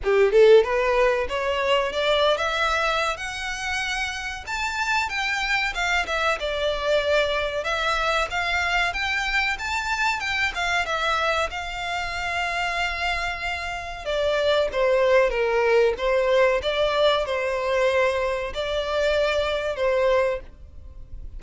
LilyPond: \new Staff \with { instrumentName = "violin" } { \time 4/4 \tempo 4 = 94 g'8 a'8 b'4 cis''4 d''8. e''16~ | e''4 fis''2 a''4 | g''4 f''8 e''8 d''2 | e''4 f''4 g''4 a''4 |
g''8 f''8 e''4 f''2~ | f''2 d''4 c''4 | ais'4 c''4 d''4 c''4~ | c''4 d''2 c''4 | }